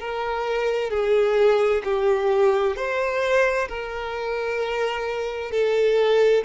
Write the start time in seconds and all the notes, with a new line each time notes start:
0.00 A#4
0.91 G#4
1.85 G4
2.77 C5
3.69 A#4
5.52 A4